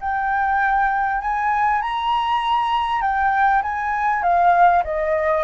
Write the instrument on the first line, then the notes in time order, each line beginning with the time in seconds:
flute
0.00 G5
1.21 G#5
1.81 A#5
3.01 G5
3.62 G#5
4.22 F5
4.84 D#5